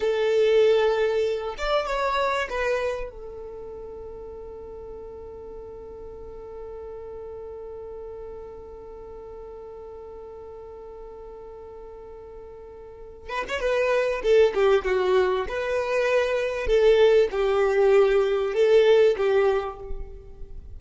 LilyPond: \new Staff \with { instrumentName = "violin" } { \time 4/4 \tempo 4 = 97 a'2~ a'8 d''8 cis''4 | b'4 a'2.~ | a'1~ | a'1~ |
a'1~ | a'4. b'16 cis''16 b'4 a'8 g'8 | fis'4 b'2 a'4 | g'2 a'4 g'4 | }